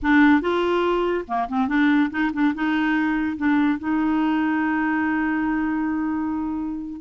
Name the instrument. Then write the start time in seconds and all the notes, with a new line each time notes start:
clarinet
0.02 D4
0.41 F4
1.27 A#3
1.48 C4
1.68 D4
2.10 D#4
2.33 D4
2.54 D#4
3.37 D4
3.78 D#4